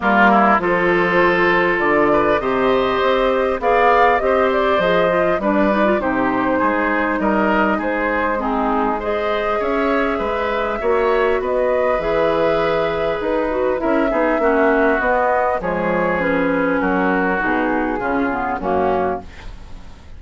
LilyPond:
<<
  \new Staff \with { instrumentName = "flute" } { \time 4/4 \tempo 4 = 100 ais'4 c''2 d''4 | dis''2 f''4 dis''8 d''8 | dis''4 d''4 c''2 | dis''4 c''4 gis'4 dis''4 |
e''2. dis''4 | e''2 b'4 e''4~ | e''4 dis''4 cis''4 b'4 | ais'4 gis'2 fis'4 | }
  \new Staff \with { instrumentName = "oboe" } { \time 4/4 f'8 e'8 a'2~ a'8 b'8 | c''2 d''4 c''4~ | c''4 b'4 g'4 gis'4 | ais'4 gis'4 dis'4 c''4 |
cis''4 b'4 cis''4 b'4~ | b'2. ais'8 gis'8 | fis'2 gis'2 | fis'2 f'4 cis'4 | }
  \new Staff \with { instrumentName = "clarinet" } { \time 4/4 ais4 f'2. | g'2 gis'4 g'4 | gis'8 f'8 d'8 dis'16 f'16 dis'2~ | dis'2 c'4 gis'4~ |
gis'2 fis'2 | gis'2~ gis'8 fis'8 e'8 dis'8 | cis'4 b4 gis4 cis'4~ | cis'4 dis'4 cis'8 b8 ais4 | }
  \new Staff \with { instrumentName = "bassoon" } { \time 4/4 g4 f2 d4 | c4 c'4 b4 c'4 | f4 g4 c4 gis4 | g4 gis2. |
cis'4 gis4 ais4 b4 | e2 dis'4 cis'8 b8 | ais4 b4 f2 | fis4 b,4 cis4 fis,4 | }
>>